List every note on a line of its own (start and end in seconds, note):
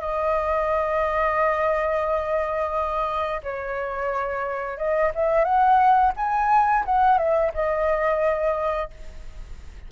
0.00 3.41 D#5
3.43 4.77 C#5
4.77 5.11 D#5
5.14 5.44 E5
5.44 6.12 F#5
6.16 6.84 G#5
6.85 7.18 F#5
7.18 7.52 E5
7.53 8.90 D#5